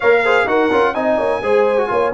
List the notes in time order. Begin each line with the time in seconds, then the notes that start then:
0.00 A#3 A#4 C#5 F5
0.24 G#4 C5
0.45 D#4 F#4 A#4 F#5
0.71 C#4 F4
0.94 C4 D#4 D#5 G#5
1.17 A#3 C#5
1.41 G#3 G#4 C5
1.77 F#4
1.88 A#3 F4 C#5